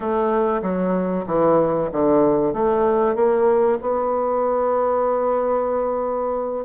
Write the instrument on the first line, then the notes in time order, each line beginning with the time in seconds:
bassoon
0.00 A3
0.61 F#3
1.26 E3
1.91 D3
2.53 A3
3.15 A#3
3.81 B3